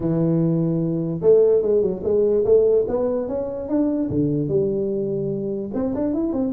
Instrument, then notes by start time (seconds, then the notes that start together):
tuba
0.00 E3
1.21 A3
1.62 G#3
1.82 F#3
2.03 G#3
2.44 A3
2.87 B3
3.27 C#4
3.68 D4
4.09 D3
4.48 G3
5.73 C4
5.94 D4
6.13 E4
6.32 C4